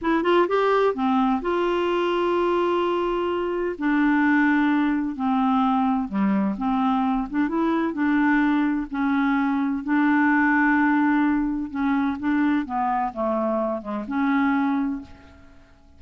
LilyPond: \new Staff \with { instrumentName = "clarinet" } { \time 4/4 \tempo 4 = 128 e'8 f'8 g'4 c'4 f'4~ | f'1 | d'2. c'4~ | c'4 g4 c'4. d'8 |
e'4 d'2 cis'4~ | cis'4 d'2.~ | d'4 cis'4 d'4 b4 | a4. gis8 cis'2 | }